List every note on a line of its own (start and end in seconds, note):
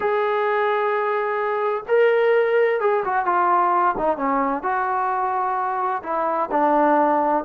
0.00 1.83 G#4
1.88 2.80 A#4
2.80 3.03 G#4
3.04 3.25 F#4
3.25 3.95 F4
3.98 4.17 D#4
4.17 4.62 C#4
4.62 6.02 F#4
6.03 6.49 E4
6.51 7.44 D4